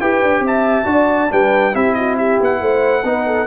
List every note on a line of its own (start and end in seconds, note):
0.00 0.22 E4
0.00 0.85 G4
0.00 0.44 B4
0.00 0.44 G5
0.22 0.40 D4
0.40 0.83 C4
0.40 0.88 E5
0.47 1.33 A5
0.85 1.29 D4
0.85 1.28 F#4
0.85 1.32 D5
1.30 1.75 G3
1.30 1.73 D4
1.30 1.75 B4
1.30 1.75 G5
1.73 2.40 C4
1.73 3.03 E4
1.73 1.96 G4
1.73 1.94 E5
1.94 2.17 F#4
1.94 2.16 D#5
2.17 2.61 G4
2.17 2.40 E5
2.40 2.61 B3
2.40 3.47 F#5
2.61 3.04 A3
2.61 3.05 C5
3.04 3.47 B3
3.04 3.47 D#4
3.04 3.27 B4
3.27 3.47 A4